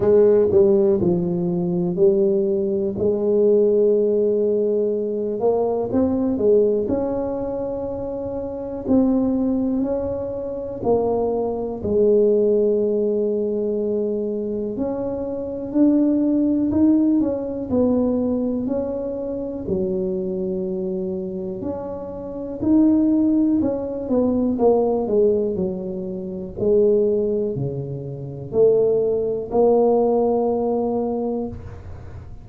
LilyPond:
\new Staff \with { instrumentName = "tuba" } { \time 4/4 \tempo 4 = 61 gis8 g8 f4 g4 gis4~ | gis4. ais8 c'8 gis8 cis'4~ | cis'4 c'4 cis'4 ais4 | gis2. cis'4 |
d'4 dis'8 cis'8 b4 cis'4 | fis2 cis'4 dis'4 | cis'8 b8 ais8 gis8 fis4 gis4 | cis4 a4 ais2 | }